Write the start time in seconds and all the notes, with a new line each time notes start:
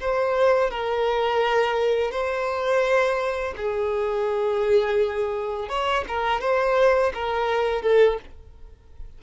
0.00 C5
0.70 A#4
2.11 C5
3.56 G#4
5.69 C#5
6.07 A#4
6.41 C5
7.14 A#4
7.82 A4